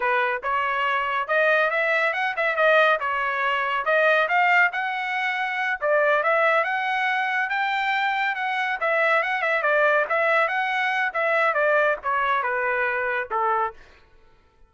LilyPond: \new Staff \with { instrumentName = "trumpet" } { \time 4/4 \tempo 4 = 140 b'4 cis''2 dis''4 | e''4 fis''8 e''8 dis''4 cis''4~ | cis''4 dis''4 f''4 fis''4~ | fis''4. d''4 e''4 fis''8~ |
fis''4. g''2 fis''8~ | fis''8 e''4 fis''8 e''8 d''4 e''8~ | e''8 fis''4. e''4 d''4 | cis''4 b'2 a'4 | }